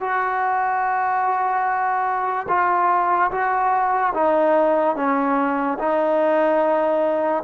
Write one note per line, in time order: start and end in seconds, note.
0.00 2.47 F#4
2.48 3.30 F4
3.31 4.13 F#4
4.14 4.95 D#4
4.95 5.78 C#4
5.78 7.43 D#4